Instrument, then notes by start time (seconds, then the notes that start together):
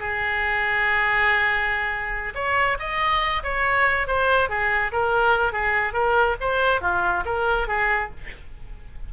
oboe
0.00 G#4
2.35 C#5
2.80 D#5
3.44 C#5
4.08 C5
4.50 G#4
4.92 A#4
5.53 G#4
5.94 A#4
6.41 C5
6.82 F4
7.26 A#4
7.68 G#4